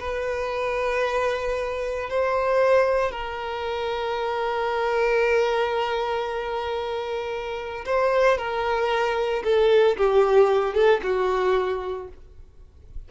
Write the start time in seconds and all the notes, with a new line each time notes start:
0.00 B4
2.10 C5
3.12 A#4
7.86 C5
8.38 A#4
9.44 A4
9.97 G4
10.75 A4
11.03 F#4